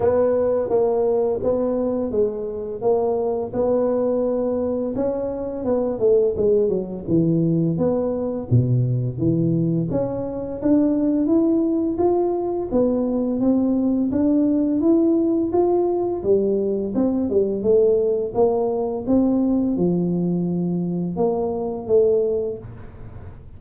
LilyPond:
\new Staff \with { instrumentName = "tuba" } { \time 4/4 \tempo 4 = 85 b4 ais4 b4 gis4 | ais4 b2 cis'4 | b8 a8 gis8 fis8 e4 b4 | b,4 e4 cis'4 d'4 |
e'4 f'4 b4 c'4 | d'4 e'4 f'4 g4 | c'8 g8 a4 ais4 c'4 | f2 ais4 a4 | }